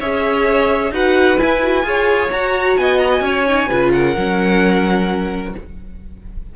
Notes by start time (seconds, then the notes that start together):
0.00 C#4 G#4 C#5 E5
0.91 D#4 F#4 B4 F#5
1.38 E4 G#5
1.61 F#4
1.84 F4 G#4 C#5
2.30 F#4 A#5
2.77 B3 D#5 G#5
2.99 A#5
3.12 G#5
3.20 C#4 C#5
3.47 D#4
3.69 C#3 F4 B4
3.92 A#4 F#5
4.16 F#3 C#4